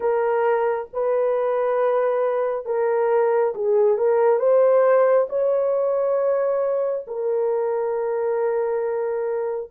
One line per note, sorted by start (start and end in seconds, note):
0.00 0.88 A#4
0.93 2.65 B4
2.65 3.53 A#4
3.54 3.97 G#4
3.97 4.39 A#4
4.39 5.27 C5
5.29 7.05 C#5
7.07 9.71 A#4